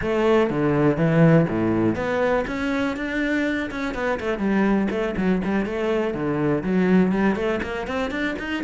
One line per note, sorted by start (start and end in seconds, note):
0.01 0.50 A3
0.50 0.96 D3
0.96 1.46 E3
1.48 1.95 A2
1.95 2.45 B3
2.47 2.96 C#4
2.96 3.70 D4
3.71 3.94 C#4
3.94 4.19 B3
4.20 4.38 A3
4.38 4.87 G3
4.90 5.15 A3
5.17 5.41 F#3
5.44 5.65 G3
5.65 6.13 A3
6.13 6.63 D3
6.63 7.12 F#3
7.12 7.35 G3
7.35 7.60 A3
7.63 7.87 A#3
7.87 8.10 C4
8.10 8.35 D4
8.39 8.63 D#4